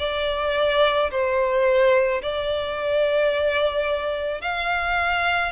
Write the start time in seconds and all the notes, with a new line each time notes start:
0.00 D5
1.11 C5
2.23 D5
4.42 F5